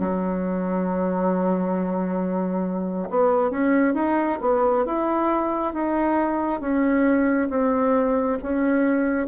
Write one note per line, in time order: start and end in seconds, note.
0.00 3.09 F#3
3.10 3.51 B3
3.51 3.94 C#4
3.94 4.38 D#4
4.41 4.85 B3
4.85 5.74 E4
5.74 6.61 D#4
6.61 7.49 C#4
7.50 8.38 C4
8.42 9.27 C#4